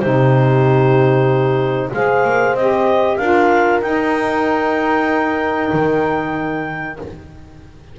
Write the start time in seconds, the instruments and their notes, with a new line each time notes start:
0.00 double bass C3, saxophone D#4, horn G4, clarinet C5
1.94 double bass G#3, saxophone G#4, horn C5, clarinet F5
2.25 double bass A#3
2.55 double bass C4, saxophone G4, clarinet D#5
3.17 double bass D4, saxophone F4, horn A#4, clarinet F5
3.82 double bass D#4, saxophone D#4, clarinet G5
5.73 double bass D#3